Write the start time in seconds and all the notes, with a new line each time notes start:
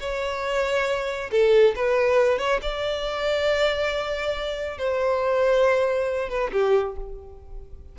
0.00 C#5
1.31 A4
1.75 B4
2.39 C#5
2.62 D5
4.78 C5
6.29 B4
6.52 G4